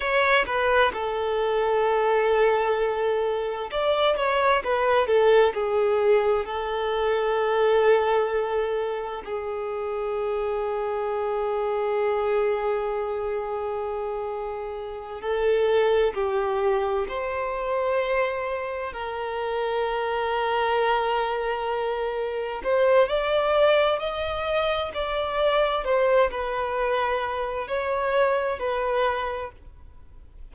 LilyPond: \new Staff \with { instrumentName = "violin" } { \time 4/4 \tempo 4 = 65 cis''8 b'8 a'2. | d''8 cis''8 b'8 a'8 gis'4 a'4~ | a'2 gis'2~ | gis'1~ |
gis'8 a'4 g'4 c''4.~ | c''8 ais'2.~ ais'8~ | ais'8 c''8 d''4 dis''4 d''4 | c''8 b'4. cis''4 b'4 | }